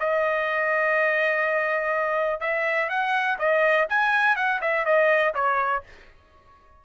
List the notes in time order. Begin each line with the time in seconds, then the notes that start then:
0.00 D#5
2.41 E5
2.90 F#5
3.39 D#5
3.90 G#5
4.36 F#5
4.62 E5
4.86 D#5
5.35 C#5